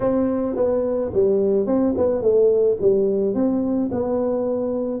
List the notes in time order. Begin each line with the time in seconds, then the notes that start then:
0.00 C4
0.56 B3
1.13 G3
1.66 C4
1.97 B3
2.21 A3
2.81 G3
3.34 C4
3.91 B3